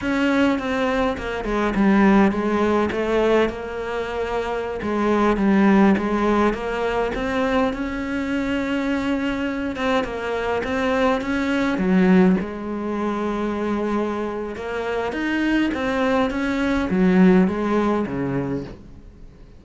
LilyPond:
\new Staff \with { instrumentName = "cello" } { \time 4/4 \tempo 4 = 103 cis'4 c'4 ais8 gis8 g4 | gis4 a4 ais2~ | ais16 gis4 g4 gis4 ais8.~ | ais16 c'4 cis'2~ cis'8.~ |
cis'8. c'8 ais4 c'4 cis'8.~ | cis'16 fis4 gis2~ gis8.~ | gis4 ais4 dis'4 c'4 | cis'4 fis4 gis4 cis4 | }